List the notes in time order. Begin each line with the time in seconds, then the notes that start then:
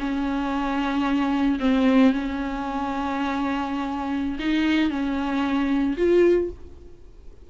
0.00 C#4
1.60 C4
2.13 C#4
4.40 D#4
4.90 C#4
5.98 F4